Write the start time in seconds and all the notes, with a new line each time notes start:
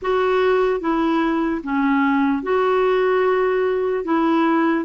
0.02 F#4
0.80 E4
1.63 C#4
2.42 F#4
4.04 E4